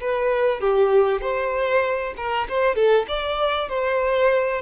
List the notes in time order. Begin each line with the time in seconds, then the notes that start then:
0.00 B4
0.60 G4
1.21 C5
2.16 A#4
2.49 C5
2.75 A4
3.08 D5
3.68 C5